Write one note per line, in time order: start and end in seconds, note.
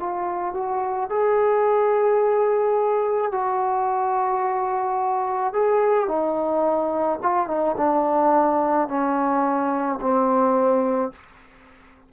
0.00 0.55 F4
0.55 1.10 F#4
1.10 3.32 G#4
3.32 5.54 F#4
5.54 6.08 G#4
6.08 7.19 D#4
7.23 7.48 F4
7.48 7.76 D#4
7.77 8.88 D4
8.88 9.99 C#4
10.01 11.12 C4